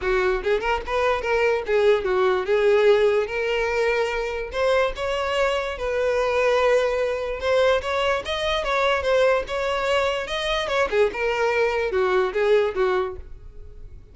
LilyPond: \new Staff \with { instrumentName = "violin" } { \time 4/4 \tempo 4 = 146 fis'4 gis'8 ais'8 b'4 ais'4 | gis'4 fis'4 gis'2 | ais'2. c''4 | cis''2 b'2~ |
b'2 c''4 cis''4 | dis''4 cis''4 c''4 cis''4~ | cis''4 dis''4 cis''8 gis'8 ais'4~ | ais'4 fis'4 gis'4 fis'4 | }